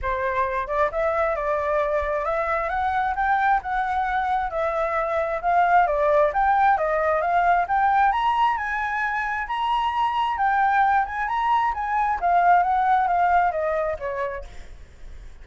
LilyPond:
\new Staff \with { instrumentName = "flute" } { \time 4/4 \tempo 4 = 133 c''4. d''8 e''4 d''4~ | d''4 e''4 fis''4 g''4 | fis''2 e''2 | f''4 d''4 g''4 dis''4 |
f''4 g''4 ais''4 gis''4~ | gis''4 ais''2 g''4~ | g''8 gis''8 ais''4 gis''4 f''4 | fis''4 f''4 dis''4 cis''4 | }